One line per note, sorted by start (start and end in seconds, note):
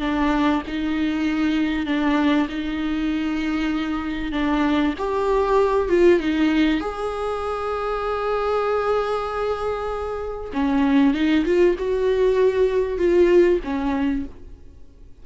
0.00 0.62 D4
0.67 1.86 D#4
1.86 2.47 D4
2.49 4.32 D#4
4.32 4.94 D4
4.98 5.89 G4
5.89 6.20 F4
6.20 6.80 D#4
6.80 10.51 G#4
10.53 11.14 C#4
11.14 11.45 D#4
11.45 11.76 F4
11.78 12.98 F#4
12.98 13.59 F4
13.64 14.25 C#4